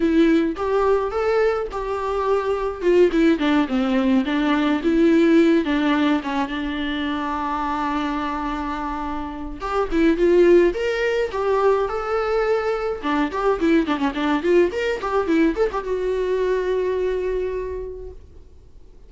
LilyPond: \new Staff \with { instrumentName = "viola" } { \time 4/4 \tempo 4 = 106 e'4 g'4 a'4 g'4~ | g'4 f'8 e'8 d'8 c'4 d'8~ | d'8 e'4. d'4 cis'8 d'8~ | d'1~ |
d'4 g'8 e'8 f'4 ais'4 | g'4 a'2 d'8 g'8 | e'8 d'16 cis'16 d'8 f'8 ais'8 g'8 e'8 a'16 g'16 | fis'1 | }